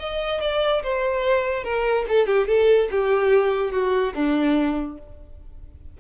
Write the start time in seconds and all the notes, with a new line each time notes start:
0.00 D#5
0.41 D5
0.83 C5
1.64 A#4
2.09 A4
2.27 G4
2.48 A4
2.92 G4
3.72 F#4
4.15 D4